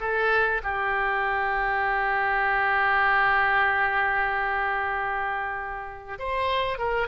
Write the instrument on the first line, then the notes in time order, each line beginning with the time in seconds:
oboe
0.00 A4
0.63 G4
6.19 C5
6.78 A#4